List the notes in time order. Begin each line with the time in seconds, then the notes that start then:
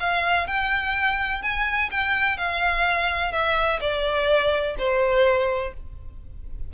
0.00 F5
0.47 G5
1.42 G#5
1.91 G5
2.37 F5
3.32 E5
3.81 D5
4.78 C5